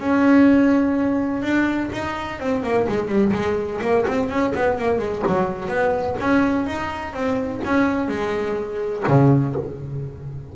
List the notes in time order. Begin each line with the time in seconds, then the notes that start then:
0.00 C#4
1.43 D4
1.92 D#4
2.40 C4
2.63 A#3
2.89 G#3
3.09 G3
3.33 G#3
3.82 A#3
4.08 C4
4.30 C#4
4.55 B3
4.79 A#3
4.99 G#3
5.27 F#3
5.68 B3
6.20 C#4
6.67 D#4
7.14 C4
7.65 C#4
8.08 G#3
9.08 C#3